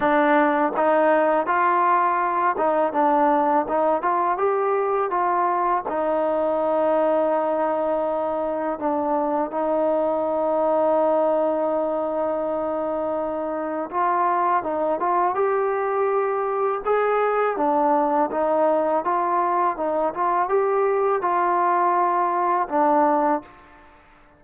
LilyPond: \new Staff \with { instrumentName = "trombone" } { \time 4/4 \tempo 4 = 82 d'4 dis'4 f'4. dis'8 | d'4 dis'8 f'8 g'4 f'4 | dis'1 | d'4 dis'2.~ |
dis'2. f'4 | dis'8 f'8 g'2 gis'4 | d'4 dis'4 f'4 dis'8 f'8 | g'4 f'2 d'4 | }